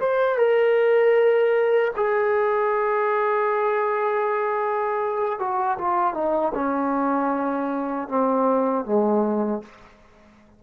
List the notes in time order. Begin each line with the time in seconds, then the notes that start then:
0.00 C5
0.38 A#4
1.96 G#4
5.39 F#4
5.78 F4
6.14 D#4
6.54 C#4
8.08 C4
8.85 G#3